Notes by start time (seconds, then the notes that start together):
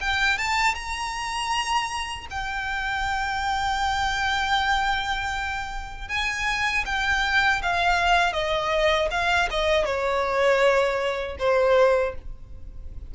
0.00 G5
0.38 A5
0.75 A#5
2.30 G5
6.08 G#5
6.85 G5
7.62 F5
8.33 D#5
9.11 F5
9.50 D#5
9.85 C#5
11.39 C5